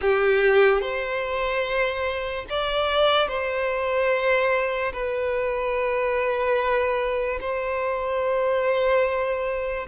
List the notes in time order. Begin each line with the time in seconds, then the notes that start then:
0.01 G4
0.81 C5
2.49 D5
3.28 C5
4.92 B4
7.40 C5